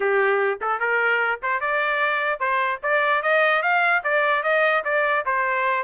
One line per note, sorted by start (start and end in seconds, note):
0.00 0.59 G4
0.61 0.79 A4
0.79 1.40 A#4
1.42 1.60 C5
1.60 2.39 D5
2.39 2.79 C5
2.82 3.22 D5
3.22 3.62 D#5
3.62 4.02 F5
4.03 4.43 D5
4.43 4.83 D#5
4.84 5.24 D5
5.25 5.83 C5